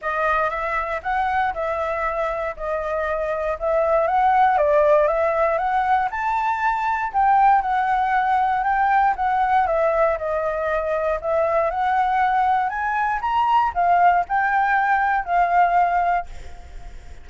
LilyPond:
\new Staff \with { instrumentName = "flute" } { \time 4/4 \tempo 4 = 118 dis''4 e''4 fis''4 e''4~ | e''4 dis''2 e''4 | fis''4 d''4 e''4 fis''4 | a''2 g''4 fis''4~ |
fis''4 g''4 fis''4 e''4 | dis''2 e''4 fis''4~ | fis''4 gis''4 ais''4 f''4 | g''2 f''2 | }